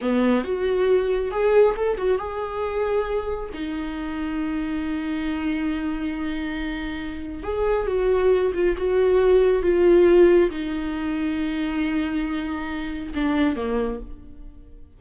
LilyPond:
\new Staff \with { instrumentName = "viola" } { \time 4/4 \tempo 4 = 137 b4 fis'2 gis'4 | a'8 fis'8 gis'2. | dis'1~ | dis'1~ |
dis'4 gis'4 fis'4. f'8 | fis'2 f'2 | dis'1~ | dis'2 d'4 ais4 | }